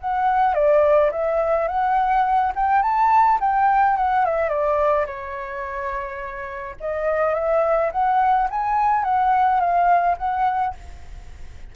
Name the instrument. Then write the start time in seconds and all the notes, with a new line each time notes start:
flute
0.00 F#5
0.54 D5
1.11 E5
1.67 F#5
2.55 G5
2.82 A5
3.40 G5
3.97 F#5
4.25 E5
4.49 D5
5.06 C#5
6.80 D#5
7.34 E5
7.92 F#5
8.50 G#5
9.04 F#5
9.60 F5
10.18 F#5